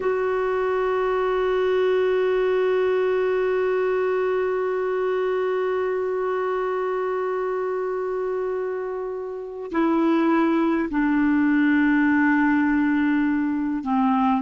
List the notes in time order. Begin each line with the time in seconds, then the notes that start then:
0.00 F#4
9.71 E4
10.89 D4
13.83 C4